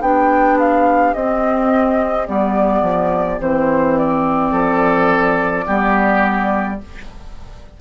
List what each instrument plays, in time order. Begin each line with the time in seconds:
0.00 bassoon B3, clarinet D4, oboe G4, flute G5
0.59 flute F5
1.14 bassoon C4, clarinet C4, flute D#5
2.26 bassoon G3, clarinet B3, flute D5
2.82 bassoon F3
3.39 bassoon E3, clarinet C4, flute C5
3.98 flute D5
4.52 bassoon F3, oboe A4
5.66 bassoon G3, clarinet B3, oboe G4